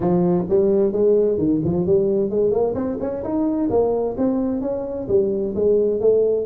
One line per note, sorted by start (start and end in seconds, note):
0.00 0.44 F3
0.49 0.92 G3
0.92 1.38 G#3
1.38 1.61 D#3
1.64 1.86 F3
1.86 2.30 G3
2.30 2.51 G#3
2.51 2.74 A#3
2.74 2.97 C4
3.00 3.23 C#4
3.23 3.69 D#4
3.70 4.16 A#3
4.17 4.61 C4
4.61 5.07 C#4
5.08 5.54 G3
5.55 6.00 G#3
6.00 6.46 A3